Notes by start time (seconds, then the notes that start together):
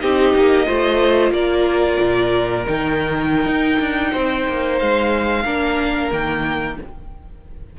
0.00 C4 D#4 G4 D#5
0.34 A#3
0.66 A3 F4 C5
1.31 A#3 A#4 D5
2.01 A#2
2.66 D#3 D#4 G5
3.46 D#4
3.80 D4
4.12 C4 C5
4.48 A#3
4.79 G#3 F5
5.45 A#3 D4 A#4
6.12 D#3 A#3 G5